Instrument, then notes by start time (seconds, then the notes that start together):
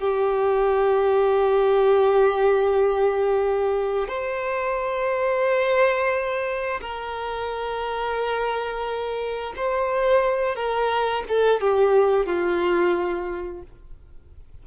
violin
0.00 G4
4.08 C5
6.81 A#4
9.57 C5
10.56 A#4
11.29 A4
11.61 G4
12.26 F4